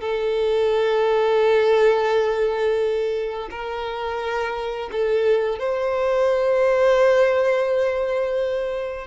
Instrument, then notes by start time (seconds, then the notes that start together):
violin
0.00 A4
3.50 A#4
4.92 A4
5.59 C5